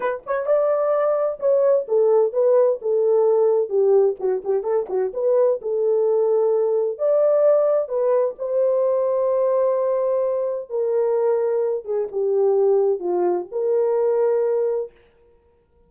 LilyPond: \new Staff \with { instrumentName = "horn" } { \time 4/4 \tempo 4 = 129 b'8 cis''8 d''2 cis''4 | a'4 b'4 a'2 | g'4 fis'8 g'8 a'8 fis'8 b'4 | a'2. d''4~ |
d''4 b'4 c''2~ | c''2. ais'4~ | ais'4. gis'8 g'2 | f'4 ais'2. | }